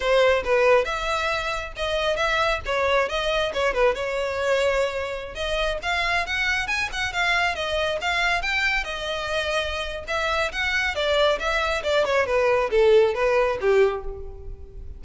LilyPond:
\new Staff \with { instrumentName = "violin" } { \time 4/4 \tempo 4 = 137 c''4 b'4 e''2 | dis''4 e''4 cis''4 dis''4 | cis''8 b'8 cis''2.~ | cis''16 dis''4 f''4 fis''4 gis''8 fis''16~ |
fis''16 f''4 dis''4 f''4 g''8.~ | g''16 dis''2~ dis''8. e''4 | fis''4 d''4 e''4 d''8 cis''8 | b'4 a'4 b'4 g'4 | }